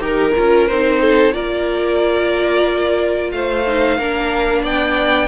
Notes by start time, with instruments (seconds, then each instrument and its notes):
0.00 cello D#4, viola G4, violin A#4
0.07 violin A#4
0.36 cello C#4, viola F4
0.68 cello C4, viola D#4, violin C5
1.01 violin A4
1.33 cello A#3, viola F4, violin A#4 D5
3.32 cello A3, violin C5 F5
3.67 viola D#4
3.98 cello A#3, viola D4, violin A#4
4.63 cello B3, violin D5 G5